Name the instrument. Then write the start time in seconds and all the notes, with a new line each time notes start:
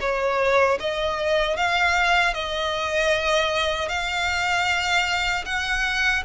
violin
0.00 C#5
0.79 D#5
1.57 F5
2.33 D#5
3.89 F5
5.45 F#5